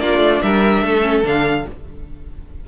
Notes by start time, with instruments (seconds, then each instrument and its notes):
0.00 cello A#3, viola D4, violin F4 D5
0.18 cello A3
0.42 cello G3, violin A#4 E5
0.83 cello A3, violin A4
1.02 viola C#4
1.24 cello D3, viola D4, violin F5